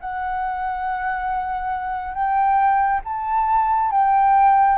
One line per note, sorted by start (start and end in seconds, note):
0.00 2.14 F#5
2.14 3.01 G5
3.04 3.91 A5
3.91 4.78 G5